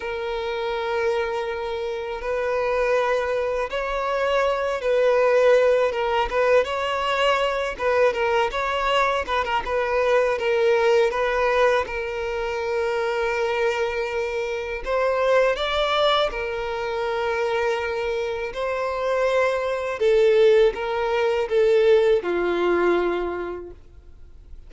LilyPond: \new Staff \with { instrumentName = "violin" } { \time 4/4 \tempo 4 = 81 ais'2. b'4~ | b'4 cis''4. b'4. | ais'8 b'8 cis''4. b'8 ais'8 cis''8~ | cis''8 b'16 ais'16 b'4 ais'4 b'4 |
ais'1 | c''4 d''4 ais'2~ | ais'4 c''2 a'4 | ais'4 a'4 f'2 | }